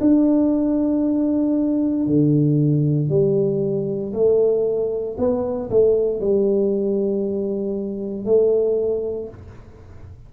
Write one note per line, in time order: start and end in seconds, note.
0.00 2.06 D4
2.06 3.09 D3
3.09 4.12 G3
4.13 5.16 A3
5.18 5.69 B3
5.70 6.20 A3
6.20 8.25 G3
8.25 9.29 A3